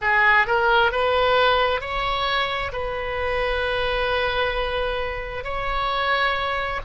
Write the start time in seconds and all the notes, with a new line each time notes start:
0.01 G#4
0.46 A#4
0.91 B4
1.80 C#5
2.72 B4
5.44 C#5